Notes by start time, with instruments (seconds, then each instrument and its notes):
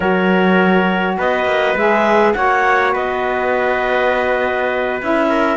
0.00 cello F#3, saxophone F#4, trumpet A#4, clarinet C#5
1.17 cello B3, trumpet B4, clarinet D#5
1.45 cello A#3
1.75 cello G#3, saxophone G#4, clarinet E5
2.33 cello A#3, saxophone F#4, trumpet C#5, clarinet F#5
2.93 cello B3, trumpet B4, clarinet D#5
5.01 cello C#4, saxophone E4, clarinet E5
5.29 trumpet A#4